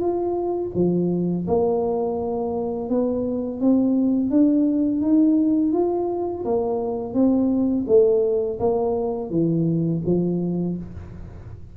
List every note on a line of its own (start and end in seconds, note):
0.00 0.71 F4
0.75 1.47 F3
1.48 2.90 A#3
2.90 3.61 B3
3.61 4.31 C4
4.31 5.02 D4
5.02 5.73 D#4
5.73 6.44 F4
6.45 7.14 A#3
7.14 7.85 C4
7.88 8.59 A3
8.60 9.31 A#3
9.31 10.02 E3
10.06 10.77 F3